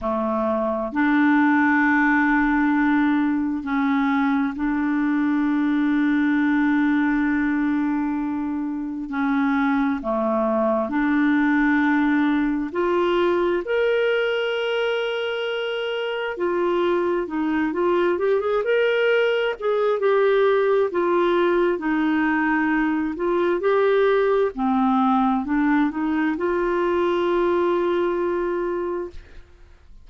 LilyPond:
\new Staff \with { instrumentName = "clarinet" } { \time 4/4 \tempo 4 = 66 a4 d'2. | cis'4 d'2.~ | d'2 cis'4 a4 | d'2 f'4 ais'4~ |
ais'2 f'4 dis'8 f'8 | g'16 gis'16 ais'4 gis'8 g'4 f'4 | dis'4. f'8 g'4 c'4 | d'8 dis'8 f'2. | }